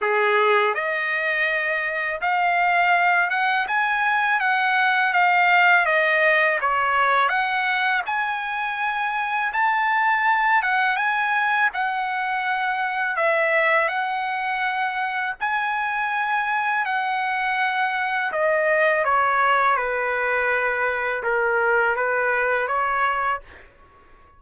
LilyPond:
\new Staff \with { instrumentName = "trumpet" } { \time 4/4 \tempo 4 = 82 gis'4 dis''2 f''4~ | f''8 fis''8 gis''4 fis''4 f''4 | dis''4 cis''4 fis''4 gis''4~ | gis''4 a''4. fis''8 gis''4 |
fis''2 e''4 fis''4~ | fis''4 gis''2 fis''4~ | fis''4 dis''4 cis''4 b'4~ | b'4 ais'4 b'4 cis''4 | }